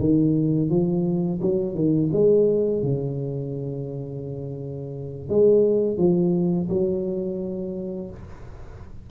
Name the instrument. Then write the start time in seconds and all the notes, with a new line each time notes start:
tuba
0.00 D#3
0.70 F3
1.41 F#3
1.75 D#3
2.13 G#3
2.83 C#3
5.29 G#3
5.98 F3
6.70 F#3